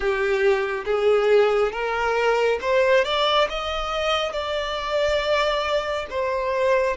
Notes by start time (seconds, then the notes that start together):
0.00 G4
0.85 G#4
1.72 A#4
2.61 C5
3.04 D5
3.49 D#5
4.32 D5
6.09 C5